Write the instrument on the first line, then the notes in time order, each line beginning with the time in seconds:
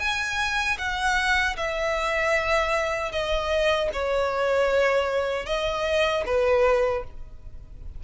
violin
0.00 G#5
0.79 F#5
1.57 E5
3.12 D#5
3.94 C#5
5.46 D#5
6.26 B4